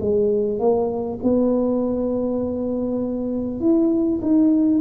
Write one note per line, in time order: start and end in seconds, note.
0.00 0.59 G#3
0.59 1.19 A#3
1.23 3.60 B3
3.60 4.20 E4
4.22 4.81 D#4